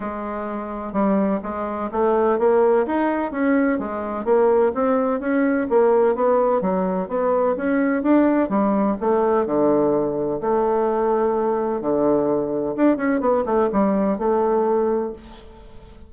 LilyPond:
\new Staff \with { instrumentName = "bassoon" } { \time 4/4 \tempo 4 = 127 gis2 g4 gis4 | a4 ais4 dis'4 cis'4 | gis4 ais4 c'4 cis'4 | ais4 b4 fis4 b4 |
cis'4 d'4 g4 a4 | d2 a2~ | a4 d2 d'8 cis'8 | b8 a8 g4 a2 | }